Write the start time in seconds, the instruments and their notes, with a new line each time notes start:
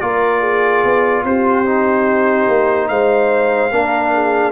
0.00 tuba A#3, trombone F4, horn A#4, trumpet D5
0.40 horn G#4
0.84 tuba B3
1.23 tuba C4, horn G4, trumpet C5
1.65 trombone D#4
2.48 tuba A#3
2.88 tuba G#3, horn C5, trumpet F5
3.71 tuba A#3, trombone D4, horn A#4
4.13 horn G#4